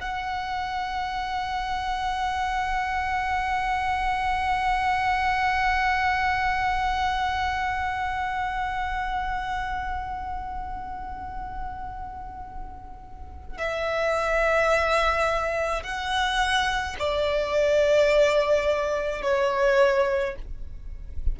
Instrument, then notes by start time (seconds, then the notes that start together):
violin
0.00 F#5
13.57 E5
15.83 F#5
16.99 D5
19.21 C#5